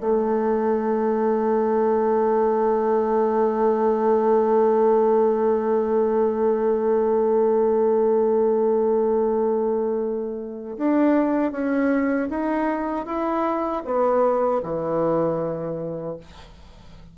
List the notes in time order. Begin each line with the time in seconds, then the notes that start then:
0.00 A3
10.78 D4
11.52 C#4
12.30 D#4
13.06 E4
13.85 B3
14.63 E3